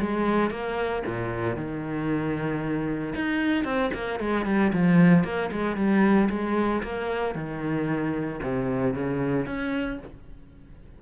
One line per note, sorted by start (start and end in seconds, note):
0.00 0.50 G#3
0.50 1.03 A#3
1.06 1.56 A#2
1.56 3.14 D#3
3.15 3.65 D#4
3.65 3.91 C4
3.94 4.20 A#3
4.20 4.46 G#3
4.46 4.72 G3
4.73 5.24 F3
5.24 5.51 A#3
5.52 5.77 G#3
5.77 6.29 G3
6.30 6.83 G#3
6.83 7.35 A#3
7.35 8.40 D#3
8.43 8.94 C3
8.94 9.46 C#3
9.46 9.99 C#4